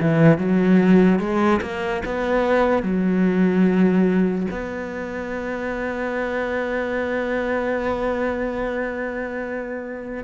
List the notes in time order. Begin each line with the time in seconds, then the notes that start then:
0.00 E3
0.38 F#3
1.19 G#3
1.61 A#3
2.05 B3
2.82 F#3
4.51 B3